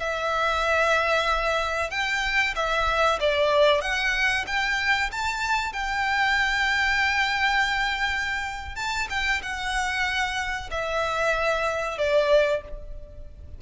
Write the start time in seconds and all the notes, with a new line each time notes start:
0.00 E5
1.91 G5
2.56 E5
3.20 D5
3.82 F#5
4.47 G5
5.12 A5
5.73 G5
8.76 A5
9.10 G5
9.42 F#5
10.71 E5
11.98 D5